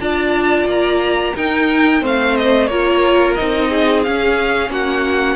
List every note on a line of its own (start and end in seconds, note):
0.00 0.65 D4
0.00 1.35 F4
0.00 1.34 D5
0.00 0.68 A5
0.65 1.32 A#3
0.65 1.37 A#5
1.34 2.01 D#4
1.34 2.03 D#4
1.34 2.02 A#4
1.34 2.04 G5
2.01 2.69 A3
2.01 2.69 C4
2.01 2.69 C5
2.01 2.37 F5
2.37 2.67 D#5
2.67 3.37 A#3
2.67 3.38 F4
2.67 3.69 A#4
2.67 3.34 C#5
3.35 4.07 C4
3.35 4.05 D#4
3.35 4.02 D#5
3.69 4.70 G#4
4.03 5.36 C#4
4.03 4.70 C#4
4.03 4.71 F5
4.70 5.36 A#3
4.70 5.36 F#4
4.70 5.36 F#5